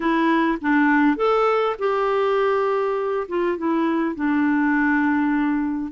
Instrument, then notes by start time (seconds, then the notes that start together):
clarinet
0.00 E4
0.61 D4
1.16 A4
1.78 G4
3.28 F4
3.57 E4
4.15 D4